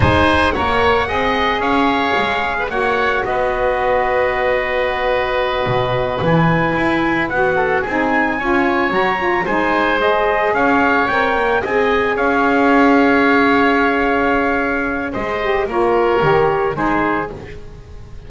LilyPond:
<<
  \new Staff \with { instrumentName = "trumpet" } { \time 4/4 \tempo 4 = 111 gis''4 fis''2 f''4~ | f''4 fis''4 dis''2~ | dis''2.~ dis''8 gis''8~ | gis''4. fis''4 gis''4.~ |
gis''8 ais''4 gis''4 dis''4 f''8~ | f''8 g''4 gis''4 f''4.~ | f''1 | dis''4 cis''2 c''4 | }
  \new Staff \with { instrumentName = "oboe" } { \time 4/4 c''4 cis''4 dis''4 cis''4~ | cis''8. b'16 cis''4 b'2~ | b'1~ | b'2 a'8 gis'4 cis''8~ |
cis''4. c''2 cis''8~ | cis''4. dis''4 cis''4.~ | cis''1 | c''4 ais'2 gis'4 | }
  \new Staff \with { instrumentName = "saxophone" } { \time 4/4 dis'4 ais'4 gis'2~ | gis'4 fis'2.~ | fis'2.~ fis'8 e'8~ | e'4. fis'4 dis'4 f'8~ |
f'8 fis'8 f'8 dis'4 gis'4.~ | gis'8 ais'4 gis'2~ gis'8~ | gis'1~ | gis'8 g'8 f'4 g'4 dis'4 | }
  \new Staff \with { instrumentName = "double bass" } { \time 4/4 gis4 ais4 c'4 cis'4 | gis4 ais4 b2~ | b2~ b8 b,4 e8~ | e8 e'4 b4 c'4 cis'8~ |
cis'8 fis4 gis2 cis'8~ | cis'8 c'8 ais8 c'4 cis'4.~ | cis'1 | gis4 ais4 dis4 gis4 | }
>>